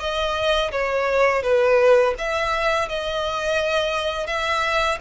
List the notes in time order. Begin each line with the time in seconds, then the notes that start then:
0.00 D#5
0.72 C#5
1.43 B4
2.19 E5
2.89 D#5
4.27 E5